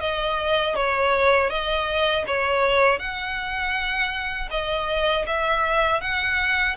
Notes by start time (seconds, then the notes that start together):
0.00 D#5
0.75 C#5
1.49 D#5
2.27 C#5
2.99 F#5
4.50 D#5
5.26 E5
6.01 F#5